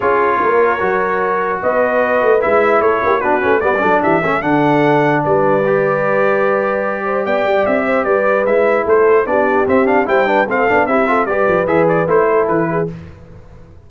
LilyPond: <<
  \new Staff \with { instrumentName = "trumpet" } { \time 4/4 \tempo 4 = 149 cis''1 | dis''2 e''4 cis''4 | b'4 d''4 e''4 fis''4~ | fis''4 d''2.~ |
d''2 g''4 e''4 | d''4 e''4 c''4 d''4 | e''8 f''8 g''4 f''4 e''4 | d''4 e''8 d''8 c''4 b'4 | }
  \new Staff \with { instrumentName = "horn" } { \time 4/4 gis'4 ais'2. | b'2. a'8 g'8 | fis'4 b'8 a'8 g'8 a'4.~ | a'4 b'2.~ |
b'4. c''8 d''4. c''8 | b'2 a'4 g'4~ | g'4 c''8 b'8 a'4 g'8 a'8 | b'2~ b'8 a'4 gis'8 | }
  \new Staff \with { instrumentName = "trombone" } { \time 4/4 f'2 fis'2~ | fis'2 e'2 | d'8 cis'8 b16 cis'16 d'4 cis'8 d'4~ | d'2 g'2~ |
g'1~ | g'4 e'2 d'4 | c'8 d'8 e'8 d'8 c'8 d'8 e'8 f'8 | g'4 gis'4 e'2 | }
  \new Staff \with { instrumentName = "tuba" } { \time 4/4 cis'4 ais4 fis2 | b4. a8 gis4 a8 ais8 | b8 a8 g8 fis8 e8 a8 d4~ | d4 g2.~ |
g2 b8 g8 c'4 | g4 gis4 a4 b4 | c'4 g4 a8 b8 c'4 | g8 f8 e4 a4 e4 | }
>>